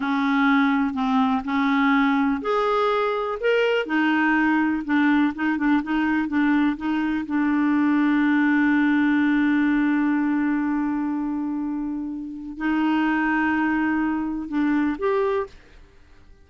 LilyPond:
\new Staff \with { instrumentName = "clarinet" } { \time 4/4 \tempo 4 = 124 cis'2 c'4 cis'4~ | cis'4 gis'2 ais'4 | dis'2 d'4 dis'8 d'8 | dis'4 d'4 dis'4 d'4~ |
d'1~ | d'1~ | d'2 dis'2~ | dis'2 d'4 g'4 | }